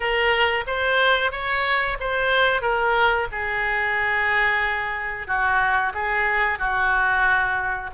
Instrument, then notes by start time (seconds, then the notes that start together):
oboe
0.00 A#4
0.67 C5
1.31 C#5
2.00 C5
2.61 A#4
3.31 G#4
5.27 F#4
5.94 G#4
6.58 F#4